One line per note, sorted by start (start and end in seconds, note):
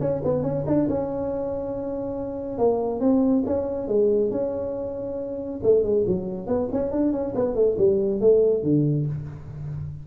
0.00 0.22 C#4
0.24 0.42 B3
0.42 0.64 C#4
0.66 0.88 D4
0.89 2.58 C#4
2.58 3.00 A#3
3.00 3.43 C4
3.45 3.87 C#4
3.87 4.30 G#3
4.30 5.60 C#4
5.63 5.83 A3
5.83 6.04 G#3
6.06 6.47 F#3
6.47 6.68 B3
6.72 6.91 C#4
6.91 7.12 D4
7.12 7.33 C#4
7.35 7.55 B3
7.55 7.76 A3
7.77 8.20 G3
8.20 8.63 A3
8.63 9.06 D3